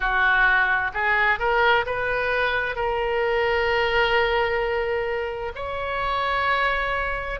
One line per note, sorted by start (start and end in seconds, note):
0.00 0.91 F#4
0.93 1.38 G#4
1.38 1.85 A#4
1.86 2.75 B4
2.75 5.52 A#4
5.55 7.39 C#5